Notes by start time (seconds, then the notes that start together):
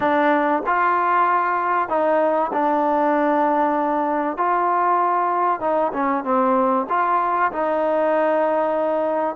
0.00 D4
0.66 F4
1.88 D#4
2.52 D4
4.37 F4
5.60 D#4
5.93 C#4
6.23 C4
6.89 F4
7.52 D#4